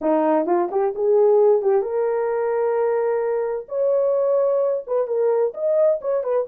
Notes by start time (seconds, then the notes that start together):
0.01 D#4
0.46 F4
0.71 G4
0.95 G#4
1.62 G4
1.81 A#4
3.68 C#5
4.86 B4
5.07 A#4
5.53 D#5
6.01 C#5
6.23 B4